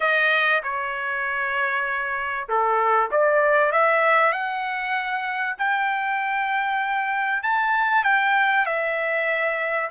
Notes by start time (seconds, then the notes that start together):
0.00 D#5
0.63 C#5
2.48 A4
3.11 D5
3.72 E5
4.32 F#5
5.58 G5
7.42 A5
8.04 G5
8.66 E5